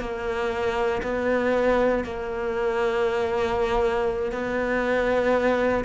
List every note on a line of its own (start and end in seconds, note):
0.00 1.02 A#3
1.03 2.04 B3
2.04 4.32 A#3
4.32 5.84 B3